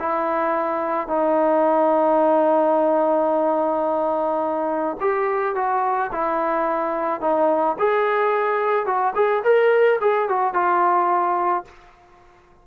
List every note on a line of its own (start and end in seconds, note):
0.00 1.08 E4
1.08 4.97 D#4
5.01 5.56 G4
5.56 6.11 F#4
6.13 7.21 E4
7.21 7.77 D#4
7.79 8.86 G#4
8.86 9.14 F#4
9.16 9.43 G#4
9.44 10.00 A#4
10.02 10.29 G#4
10.29 10.54 F#4
10.54 11.65 F4